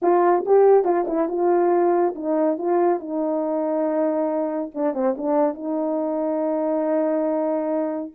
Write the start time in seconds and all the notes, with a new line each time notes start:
0.02 F4
0.45 G4
0.84 F4
1.07 E4
1.28 F4
2.15 D#4
2.57 F4
2.99 D#4
4.74 D4
4.94 C4
5.17 D4
5.54 D#4